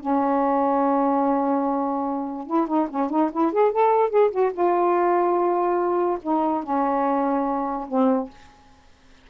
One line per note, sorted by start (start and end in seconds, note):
0.00 2.46 C#4
2.46 2.67 E4
2.67 2.88 D#4
2.89 3.10 C#4
3.10 3.30 D#4
3.32 3.52 E4
3.52 3.72 G#4
3.72 4.09 A4
4.09 4.30 G#4
4.31 4.51 F#4
4.53 6.18 F4
6.22 6.63 D#4
6.63 7.87 C#4
7.88 8.29 C4